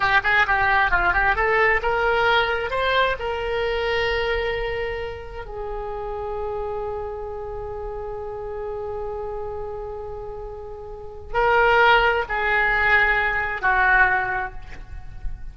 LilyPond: \new Staff \with { instrumentName = "oboe" } { \time 4/4 \tempo 4 = 132 g'8 gis'8 g'4 f'8 g'8 a'4 | ais'2 c''4 ais'4~ | ais'1 | gis'1~ |
gis'1~ | gis'1~ | gis'4 ais'2 gis'4~ | gis'2 fis'2 | }